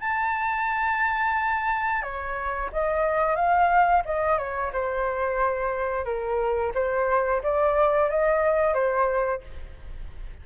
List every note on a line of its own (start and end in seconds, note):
0.00 2.02 A5
2.03 2.70 C#5
2.73 3.36 D#5
3.36 4.03 F5
4.05 4.38 D#5
4.38 4.72 C#5
4.73 6.05 C5
6.05 6.72 A#4
6.74 7.42 C5
7.43 8.10 D5
8.10 8.74 D#5
8.74 9.41 C5